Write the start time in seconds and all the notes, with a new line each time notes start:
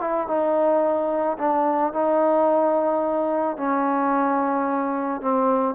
0.00 E4
0.27 D#4
1.38 D4
1.93 D#4
3.57 C#4
5.21 C4